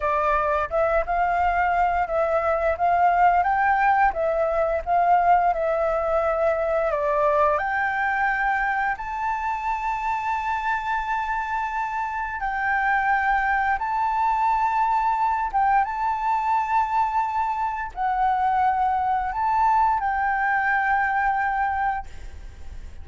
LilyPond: \new Staff \with { instrumentName = "flute" } { \time 4/4 \tempo 4 = 87 d''4 e''8 f''4. e''4 | f''4 g''4 e''4 f''4 | e''2 d''4 g''4~ | g''4 a''2.~ |
a''2 g''2 | a''2~ a''8 g''8 a''4~ | a''2 fis''2 | a''4 g''2. | }